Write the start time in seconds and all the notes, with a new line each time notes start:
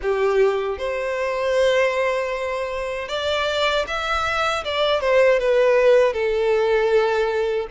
0.02 G4
0.77 C5
3.08 D5
3.87 E5
4.64 D5
5.00 C5
5.39 B4
6.13 A4